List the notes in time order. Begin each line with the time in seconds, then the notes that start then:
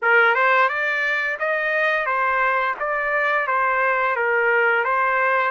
0.02 A#4
0.34 C5
0.68 D5
1.39 D#5
2.05 C5
2.79 D5
3.47 C5
4.16 A#4
4.84 C5